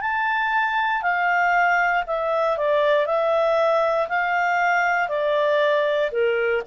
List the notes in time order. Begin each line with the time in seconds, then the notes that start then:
0.00 A5
1.02 F5
2.06 E5
2.57 D5
3.06 E5
4.08 F5
5.08 D5
6.11 A#4